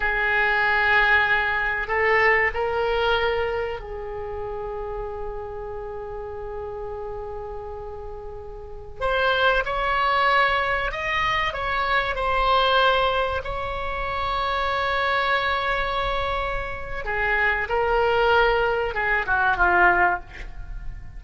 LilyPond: \new Staff \with { instrumentName = "oboe" } { \time 4/4 \tempo 4 = 95 gis'2. a'4 | ais'2 gis'2~ | gis'1~ | gis'2~ gis'16 c''4 cis''8.~ |
cis''4~ cis''16 dis''4 cis''4 c''8.~ | c''4~ c''16 cis''2~ cis''8.~ | cis''2. gis'4 | ais'2 gis'8 fis'8 f'4 | }